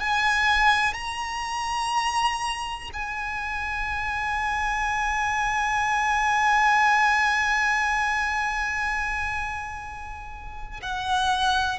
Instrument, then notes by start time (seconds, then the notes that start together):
violin
0.00 G#5
0.94 A#5
2.94 G#5
10.82 F#5